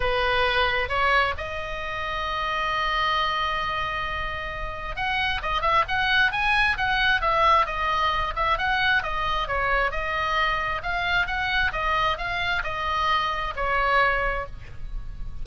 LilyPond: \new Staff \with { instrumentName = "oboe" } { \time 4/4 \tempo 4 = 133 b'2 cis''4 dis''4~ | dis''1~ | dis''2. fis''4 | dis''8 e''8 fis''4 gis''4 fis''4 |
e''4 dis''4. e''8 fis''4 | dis''4 cis''4 dis''2 | f''4 fis''4 dis''4 f''4 | dis''2 cis''2 | }